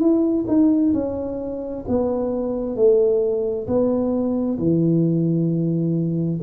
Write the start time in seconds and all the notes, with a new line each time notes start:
0.00 E4
0.48 D#4
0.94 C#4
1.88 B3
2.76 A3
3.67 B3
4.59 E3